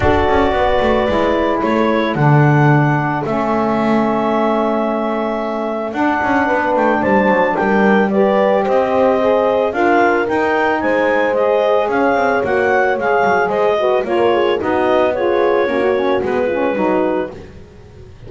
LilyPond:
<<
  \new Staff \with { instrumentName = "clarinet" } { \time 4/4 \tempo 4 = 111 d''2. cis''4 | fis''2 e''2~ | e''2. fis''4~ | fis''8 g''8 a''4 g''4 d''4 |
dis''2 f''4 g''4 | gis''4 dis''4 f''4 fis''4 | f''4 dis''4 cis''4 dis''4 | cis''2 b'2 | }
  \new Staff \with { instrumentName = "horn" } { \time 4/4 a'4 b'2 a'4~ | a'1~ | a'1 | b'4 c''4 ais'4 b'4 |
c''2 ais'2 | c''2 cis''2~ | cis''4 c''8 b'8 ais'8 gis'8 fis'4 | gis'4 fis'4. f'8 fis'4 | }
  \new Staff \with { instrumentName = "saxophone" } { \time 4/4 fis'2 e'2 | d'2 cis'2~ | cis'2. d'4~ | d'2. g'4~ |
g'4 gis'4 f'4 dis'4~ | dis'4 gis'2 fis'4 | gis'4. fis'8 f'4 dis'4 | f'4 cis'16 fis'16 cis'8 b8 cis'8 dis'4 | }
  \new Staff \with { instrumentName = "double bass" } { \time 4/4 d'8 cis'8 b8 a8 gis4 a4 | d2 a2~ | a2. d'8 cis'8 | b8 a8 g8 fis8 g2 |
c'2 d'4 dis'4 | gis2 cis'8 c'8 ais4 | gis8 fis8 gis4 ais4 b4~ | b4 ais4 gis4 fis4 | }
>>